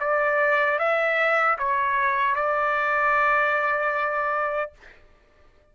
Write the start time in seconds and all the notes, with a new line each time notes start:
0.00 D5
0.79 E5
1.58 C#5
2.35 D5